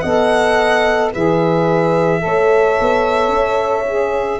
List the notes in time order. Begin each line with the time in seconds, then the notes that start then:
0.00 B3 A4 D#5 F#5
1.13 E3 G#4 B4 E5
2.20 A3 A4 C#5
2.80 B3
3.29 C#4
3.88 G#4